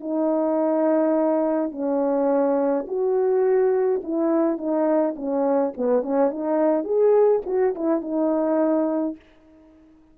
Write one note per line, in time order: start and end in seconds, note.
0.00 1.71 D#4
1.71 2.86 C#4
2.87 4.02 F#4
4.03 4.57 E4
4.57 5.15 D#4
5.16 5.73 C#4
5.77 6.03 B3
6.03 6.30 C#4
6.30 6.84 D#4
6.84 7.41 G#4
7.46 7.74 F#4
7.75 8.01 E4
8.01 9.16 D#4